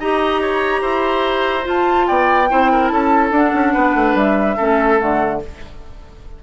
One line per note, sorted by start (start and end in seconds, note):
0.00 0.82 D#4
0.00 1.64 G4
0.00 0.42 D#5
0.00 1.67 A#5
0.42 0.82 C#5
0.82 1.66 E4
0.82 2.07 C5
1.64 2.47 F4
1.64 2.10 F4
1.64 2.08 A5
2.08 2.51 B3
2.08 2.50 D5
2.08 2.88 G5
2.50 2.92 C4
2.50 3.33 E4
2.50 2.72 C5
2.72 2.93 A#4
2.88 3.31 C#4
2.88 3.74 A4
2.88 3.30 A5
3.31 3.52 D4
3.31 4.59 D4
3.31 4.18 F#5
3.54 3.75 C#4
3.74 3.95 B3
3.74 4.57 B4
3.95 4.15 A3
4.15 4.56 G3
4.15 5.01 E5
4.57 5.02 A3
4.57 4.99 C#4
4.57 5.40 A4
4.99 5.44 D3
4.99 5.41 A3
4.99 5.42 F#5